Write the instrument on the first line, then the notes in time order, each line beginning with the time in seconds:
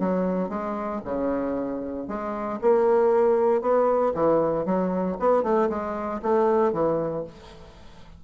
bassoon
0.00 F#3
0.49 G#3
1.05 C#3
2.08 G#3
2.62 A#3
3.61 B3
4.14 E3
4.66 F#3
5.20 B3
5.43 A3
5.70 G#3
6.23 A3
6.73 E3